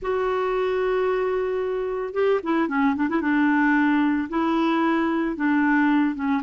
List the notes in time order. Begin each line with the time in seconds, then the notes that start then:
0.01 F#4
2.13 G4
2.43 E4
2.68 C#4
2.95 D4
3.09 E4
3.21 D4
4.29 E4
5.35 D4
6.15 C#4